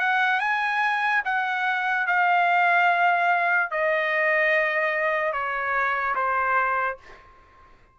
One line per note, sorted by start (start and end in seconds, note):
0.00 0.40 F#5
0.40 1.23 G#5
1.25 2.07 F#5
2.07 3.71 F5
3.71 5.33 D#5
5.33 6.15 C#5
6.15 6.98 C5